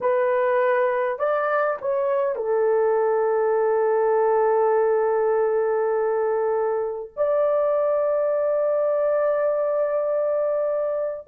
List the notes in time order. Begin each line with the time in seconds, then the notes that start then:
0.01 B4
1.19 D5
1.81 C#5
2.35 A4
7.16 D5